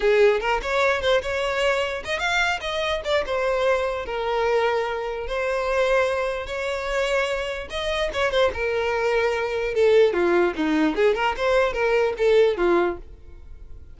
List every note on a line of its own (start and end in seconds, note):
0.00 0.40 G#4
0.40 0.60 A#4
0.61 1.01 C#5
1.01 1.21 C5
1.22 2.03 C#5
2.04 2.19 D#5
2.19 2.59 F5
2.61 3.01 D#5
3.04 3.24 D5
3.26 4.05 C5
4.05 5.27 A#4
5.27 6.46 C5
6.46 7.68 C#5
7.69 8.10 D#5
8.13 8.31 C#5
8.31 8.51 C5
8.53 9.74 A#4
9.74 10.13 A4
10.13 10.53 F4
10.56 10.95 D#4
10.95 11.14 G#4
11.14 11.35 A#4
11.37 11.73 C5
11.73 12.13 A#4
12.17 12.57 A4
12.57 12.97 F4